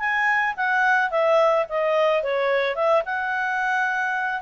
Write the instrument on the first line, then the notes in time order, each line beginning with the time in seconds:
clarinet
0.00 G#5
0.57 F#5
1.11 E5
1.69 D#5
2.23 C#5
2.75 E5
3.06 F#5